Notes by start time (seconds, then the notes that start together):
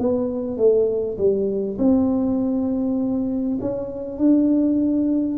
0.00 B3
0.58 A3
1.18 G3
1.79 C4
3.62 C#4
4.19 D4